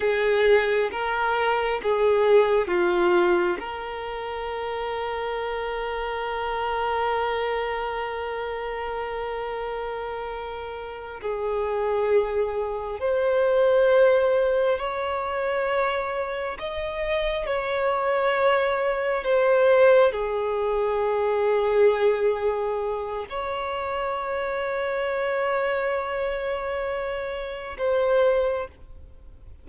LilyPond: \new Staff \with { instrumentName = "violin" } { \time 4/4 \tempo 4 = 67 gis'4 ais'4 gis'4 f'4 | ais'1~ | ais'1~ | ais'8 gis'2 c''4.~ |
c''8 cis''2 dis''4 cis''8~ | cis''4. c''4 gis'4.~ | gis'2 cis''2~ | cis''2. c''4 | }